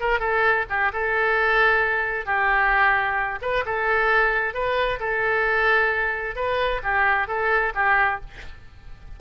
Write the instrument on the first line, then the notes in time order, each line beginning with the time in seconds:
oboe
0.00 A#4
0.20 A4
0.70 G4
0.93 A4
2.26 G4
3.42 B4
3.66 A4
4.54 B4
5.00 A4
6.36 B4
6.83 G4
7.28 A4
7.75 G4